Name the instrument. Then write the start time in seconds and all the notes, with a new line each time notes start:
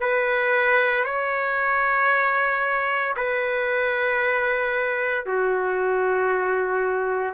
trumpet
0.00 B4
1.04 C#5
3.17 B4
5.26 F#4